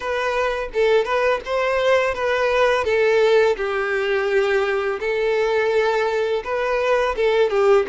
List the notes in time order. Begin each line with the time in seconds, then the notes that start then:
0.00 B4
0.73 A4
1.04 B4
1.44 C5
2.14 B4
2.84 A4
3.56 G4
5.00 A4
6.44 B4
7.16 A4
7.50 G4